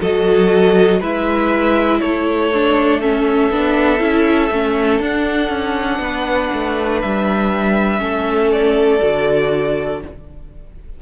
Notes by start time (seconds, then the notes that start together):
0.00 F#3 F#4 A4 D#5
1.00 G#3 E4 B4 E5
2.01 A3 A4 C#5
2.54 D4
3.02 C#4 E5
3.51 B3 D4
3.99 C#4 E4
4.51 A3 C#4
5.00 D4 F#5
5.49 C#4
5.99 B3 B4
6.53 A3
7.02 G3 E5
7.99 A3 C#4 A4
8.52 D5
9.01 D3 F#4